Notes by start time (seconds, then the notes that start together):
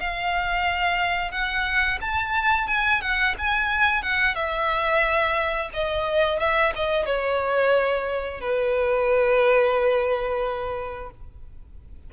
0.00 F5
1.31 F#5
2.01 A5
2.68 G#5
3.01 F#5
3.38 G#5
4.02 F#5
4.35 E5
5.73 D#5
6.39 E5
6.75 D#5
7.06 C#5
8.41 B4